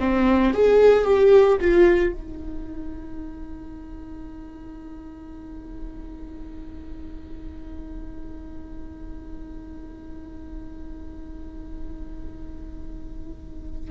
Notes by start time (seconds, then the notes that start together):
0.00 C4
0.54 G#4
1.05 G4
1.61 F4
2.13 D#4